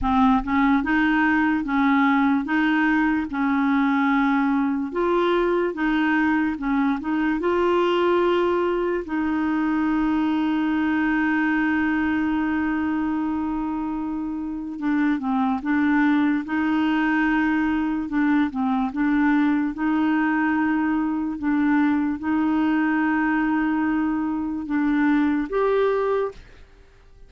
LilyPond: \new Staff \with { instrumentName = "clarinet" } { \time 4/4 \tempo 4 = 73 c'8 cis'8 dis'4 cis'4 dis'4 | cis'2 f'4 dis'4 | cis'8 dis'8 f'2 dis'4~ | dis'1~ |
dis'2 d'8 c'8 d'4 | dis'2 d'8 c'8 d'4 | dis'2 d'4 dis'4~ | dis'2 d'4 g'4 | }